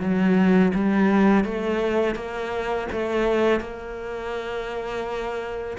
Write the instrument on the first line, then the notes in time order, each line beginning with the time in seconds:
cello
0.00 F#3
0.75 G3
1.45 A3
2.15 A#3
2.92 A3
3.60 A#3